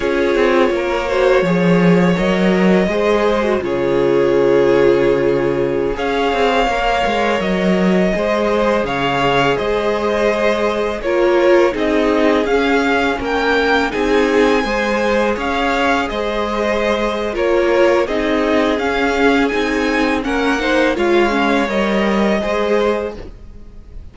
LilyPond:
<<
  \new Staff \with { instrumentName = "violin" } { \time 4/4 \tempo 4 = 83 cis''2. dis''4~ | dis''4 cis''2.~ | cis''16 f''2 dis''4.~ dis''16~ | dis''16 f''4 dis''2 cis''8.~ |
cis''16 dis''4 f''4 g''4 gis''8.~ | gis''4~ gis''16 f''4 dis''4.~ dis''16 | cis''4 dis''4 f''4 gis''4 | fis''4 f''4 dis''2 | }
  \new Staff \with { instrumentName = "violin" } { \time 4/4 gis'4 ais'8 c''8 cis''2 | c''4 gis'2.~ | gis'16 cis''2. c''8.~ | c''16 cis''4 c''2 ais'8.~ |
ais'16 gis'2 ais'4 gis'8.~ | gis'16 c''4 cis''4 c''4.~ c''16 | ais'4 gis'2. | ais'8 c''8 cis''2 c''4 | }
  \new Staff \with { instrumentName = "viola" } { \time 4/4 f'4. fis'8 gis'4 ais'4 | gis'8. fis'16 f'2.~ | f'16 gis'4 ais'2 gis'8.~ | gis'2.~ gis'16 f'8.~ |
f'16 dis'4 cis'2 dis'8.~ | dis'16 gis'2.~ gis'8. | f'4 dis'4 cis'4 dis'4 | cis'8 dis'8 f'8 cis'8 ais'4 gis'4 | }
  \new Staff \with { instrumentName = "cello" } { \time 4/4 cis'8 c'8 ais4 f4 fis4 | gis4 cis2.~ | cis16 cis'8 c'8 ais8 gis8 fis4 gis8.~ | gis16 cis4 gis2 ais8.~ |
ais16 c'4 cis'4 ais4 c'8.~ | c'16 gis4 cis'4 gis4.~ gis16 | ais4 c'4 cis'4 c'4 | ais4 gis4 g4 gis4 | }
>>